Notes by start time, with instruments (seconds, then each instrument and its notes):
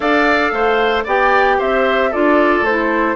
0.00 bassoon D4, clarinet A4, oboe D5, flute F5
0.51 bassoon A3, oboe C5
1.04 bassoon B3, clarinet G4, oboe D5, flute G5
1.58 bassoon C4, oboe C5, flute E5
2.10 bassoon D4, clarinet F4, oboe A4, flute D5
2.61 bassoon A3, flute C5
2.68 clarinet E4